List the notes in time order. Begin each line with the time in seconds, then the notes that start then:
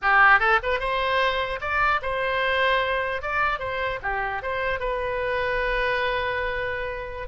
0.01 G4
0.39 A4
0.63 B4
0.79 C5
1.60 D5
2.02 C5
3.22 D5
3.59 C5
4.02 G4
4.42 C5
4.79 B4